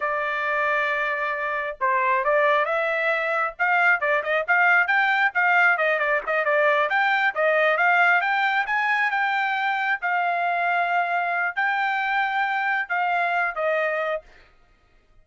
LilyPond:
\new Staff \with { instrumentName = "trumpet" } { \time 4/4 \tempo 4 = 135 d''1 | c''4 d''4 e''2 | f''4 d''8 dis''8 f''4 g''4 | f''4 dis''8 d''8 dis''8 d''4 g''8~ |
g''8 dis''4 f''4 g''4 gis''8~ | gis''8 g''2 f''4.~ | f''2 g''2~ | g''4 f''4. dis''4. | }